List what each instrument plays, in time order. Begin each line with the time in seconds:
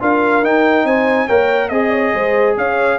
0.00 tuba D4, trombone F4, horn A#4, trumpet F5
0.42 tuba D#4, trombone D#4, trumpet G5
0.84 tuba C4, horn C5, trumpet G#5
1.26 tuba A#3, trombone A#4, horn C#5, trumpet G5
1.68 tuba C4, trombone G#4, trumpet D#5, horn D#5
1.90 horn C#5
2.14 tuba G#3, horn C5
2.57 tuba C#4, horn C#5, trumpet F5